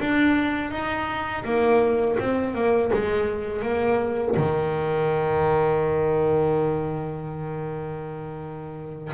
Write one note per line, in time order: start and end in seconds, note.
0.00 0.71 D4
0.71 1.44 D#4
1.45 2.18 A#3
2.19 2.54 C4
2.54 2.91 A#3
2.93 3.63 G#3
3.63 4.36 A#3
4.37 9.12 D#3